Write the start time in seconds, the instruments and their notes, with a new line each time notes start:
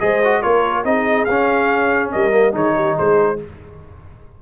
0.00 tuba G#3, trombone G#4, horn C5, trumpet D#5
0.24 trombone F#4
0.42 tuba A#3, trombone F4, horn A#4, trumpet C#5
0.84 tuba C4, trombone D#4, horn G#4, trumpet D#5
1.25 tuba C#4, trombone C#4, trumpet F5
2.12 tuba G3, horn A#4, trumpet D#5
2.32 trombone A#3
2.52 tuba D#3, trombone D#4, horn G#4, trumpet C#5
2.76 horn G4
2.96 tuba G#3, horn G#4, trumpet C5